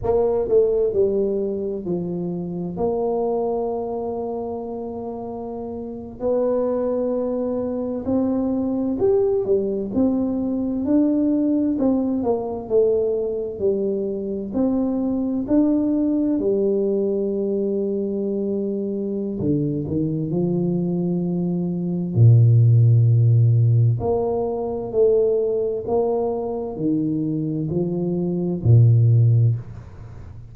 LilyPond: \new Staff \with { instrumentName = "tuba" } { \time 4/4 \tempo 4 = 65 ais8 a8 g4 f4 ais4~ | ais2~ ais8. b4~ b16~ | b8. c'4 g'8 g8 c'4 d'16~ | d'8. c'8 ais8 a4 g4 c'16~ |
c'8. d'4 g2~ g16~ | g4 d8 dis8 f2 | ais,2 ais4 a4 | ais4 dis4 f4 ais,4 | }